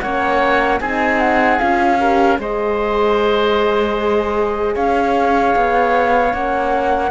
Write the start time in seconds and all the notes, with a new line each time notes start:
0.00 A#3 C#4 C#5 F#5
0.80 C4 D#4 G#4 G#5
1.20 F#5
1.59 C#4 F4 F5
1.99 G4 A#4
2.38 G#3 G#4 C5 D#5
4.75 C#4 C#5 F5
5.56 B3
6.32 A#3 C#4 F#5